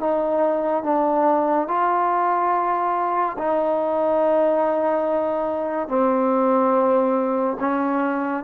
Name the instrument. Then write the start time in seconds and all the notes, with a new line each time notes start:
trombone
0.00 D#4
0.84 D4
1.69 F4
3.39 D#4
5.89 C4
7.61 C#4